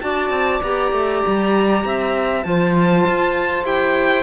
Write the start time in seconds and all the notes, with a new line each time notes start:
0.00 D4 F#4 D5 A5
0.30 C4
0.63 B3 G4 A#5
0.93 A3
1.27 G3
1.85 C4 E5
2.43 F3 F4 C5 A5
3.07 F4
3.64 E4 G4 G5